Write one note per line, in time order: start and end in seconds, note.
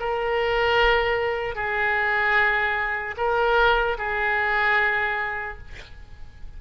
0.00 1.56 A#4
1.56 3.16 G#4
3.18 3.98 A#4
3.99 5.59 G#4